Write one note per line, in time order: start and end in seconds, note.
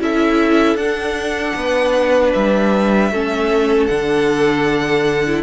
0.00 0.75 C#4
0.00 0.78 E4
0.00 1.57 A4
0.00 0.76 E5
0.75 1.53 D4
0.75 3.12 D4
0.75 2.32 F#5
1.55 2.33 B3
1.55 3.12 B4
2.33 3.11 G3
2.33 3.87 E5
3.11 3.89 A3
3.11 3.90 C#4
3.11 5.43 A4
3.87 5.43 D3
3.87 5.26 D4
3.87 5.42 F#5
5.27 5.43 E4